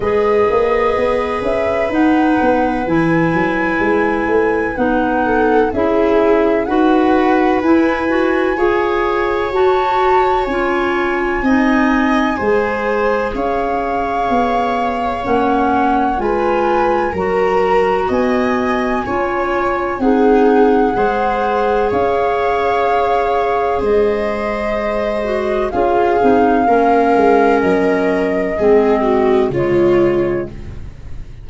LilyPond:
<<
  \new Staff \with { instrumentName = "flute" } { \time 4/4 \tempo 4 = 63 dis''4. e''8 fis''4 gis''4~ | gis''4 fis''4 e''4 fis''4 | gis''2 a''4 gis''4~ | gis''2 f''2 |
fis''4 gis''4 ais''4 gis''4~ | gis''4 fis''2 f''4~ | f''4 dis''2 f''4~ | f''4 dis''2 cis''4 | }
  \new Staff \with { instrumentName = "viola" } { \time 4/4 b'1~ | b'4. a'8 gis'4 b'4~ | b'4 cis''2. | dis''4 c''4 cis''2~ |
cis''4 b'4 ais'4 dis''4 | cis''4 gis'4 c''4 cis''4~ | cis''4 c''2 gis'4 | ais'2 gis'8 fis'8 f'4 | }
  \new Staff \with { instrumentName = "clarinet" } { \time 4/4 gis'2 dis'4 e'4~ | e'4 dis'4 e'4 fis'4 | e'8 fis'8 gis'4 fis'4 f'4 | dis'4 gis'2. |
cis'4 f'4 fis'2 | f'4 dis'4 gis'2~ | gis'2~ gis'8 fis'8 f'8 dis'8 | cis'2 c'4 gis4 | }
  \new Staff \with { instrumentName = "tuba" } { \time 4/4 gis8 ais8 b8 cis'8 dis'8 b8 e8 fis8 | gis8 a8 b4 cis'4 dis'4 | e'4 f'4 fis'4 cis'4 | c'4 gis4 cis'4 b4 |
ais4 gis4 fis4 b4 | cis'4 c'4 gis4 cis'4~ | cis'4 gis2 cis'8 c'8 | ais8 gis8 fis4 gis4 cis4 | }
>>